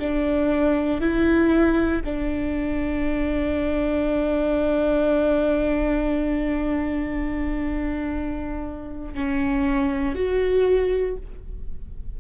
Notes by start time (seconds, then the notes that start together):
0.00 D4
1.01 E4
2.05 D4
9.15 C#4
10.16 F#4